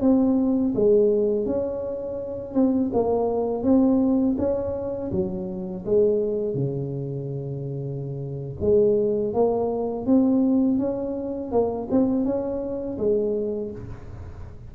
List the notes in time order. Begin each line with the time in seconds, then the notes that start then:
0.00 C4
0.75 G#3
1.45 C#4
2.54 C4
2.93 A#3
3.63 C4
4.38 C#4
5.12 F#3
5.85 G#3
6.54 C#3
8.60 G#3
9.33 A#3
10.06 C4
10.78 C#4
11.51 A#3
11.91 C4
12.24 C#4
12.98 G#3